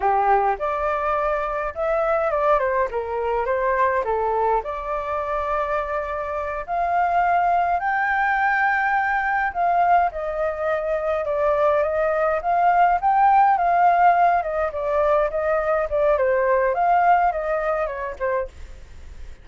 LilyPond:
\new Staff \with { instrumentName = "flute" } { \time 4/4 \tempo 4 = 104 g'4 d''2 e''4 | d''8 c''8 ais'4 c''4 a'4 | d''2.~ d''8 f''8~ | f''4. g''2~ g''8~ |
g''8 f''4 dis''2 d''8~ | d''8 dis''4 f''4 g''4 f''8~ | f''4 dis''8 d''4 dis''4 d''8 | c''4 f''4 dis''4 cis''8 c''8 | }